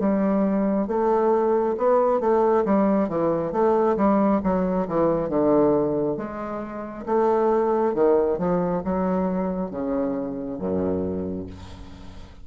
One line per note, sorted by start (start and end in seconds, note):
0.00 0.88 G3
0.88 1.76 A3
1.78 2.21 B3
2.21 2.65 A3
2.66 3.09 G3
3.09 3.53 E3
3.53 3.97 A3
3.97 4.42 G3
4.44 4.88 F#3
4.88 5.30 E3
5.30 6.18 D3
6.18 7.06 G#3
7.06 7.95 A3
7.95 8.39 D#3
8.39 8.83 F3
8.85 9.71 F#3
9.71 10.59 C#3
10.59 11.47 F#2